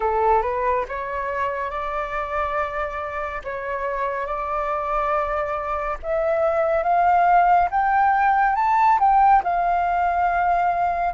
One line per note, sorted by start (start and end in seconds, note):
0.00 0.42 A4
0.42 0.85 B4
0.88 1.70 C#5
1.70 3.42 D5
3.44 4.26 C#5
4.26 5.97 D5
6.02 6.83 E5
6.83 7.69 F5
7.71 8.55 G5
8.55 8.98 A5
8.99 9.42 G5
9.43 11.13 F5